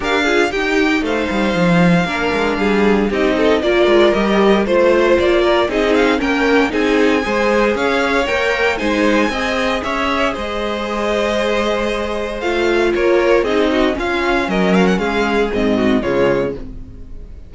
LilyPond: <<
  \new Staff \with { instrumentName = "violin" } { \time 4/4 \tempo 4 = 116 f''4 g''4 f''2~ | f''2 dis''4 d''4 | dis''4 c''4 d''4 dis''8 f''8 | g''4 gis''2 f''4 |
g''4 gis''2 e''4 | dis''1 | f''4 cis''4 dis''4 f''4 | dis''8 f''16 fis''16 f''4 dis''4 cis''4 | }
  \new Staff \with { instrumentName = "violin" } { \time 4/4 ais'8 gis'8 g'4 c''2 | ais'4 gis'4 g'8 a'8 ais'4~ | ais'4 c''4. ais'8 gis'4 | ais'4 gis'4 c''4 cis''4~ |
cis''4 c''4 dis''4 cis''4 | c''1~ | c''4 ais'4 gis'8 fis'8 f'4 | ais'4 gis'4. fis'8 f'4 | }
  \new Staff \with { instrumentName = "viola" } { \time 4/4 g'8 f'8 dis'2. | d'2 dis'4 f'4 | g'4 f'2 dis'4 | cis'4 dis'4 gis'2 |
ais'4 dis'4 gis'2~ | gis'1 | f'2 dis'4 cis'4~ | cis'2 c'4 gis4 | }
  \new Staff \with { instrumentName = "cello" } { \time 4/4 d'4 dis'4 a8 g8 f4 | ais8 gis8 g4 c'4 ais8 gis8 | g4 a4 ais4 c'4 | ais4 c'4 gis4 cis'4 |
ais4 gis4 c'4 cis'4 | gis1 | a4 ais4 c'4 cis'4 | fis4 gis4 gis,4 cis4 | }
>>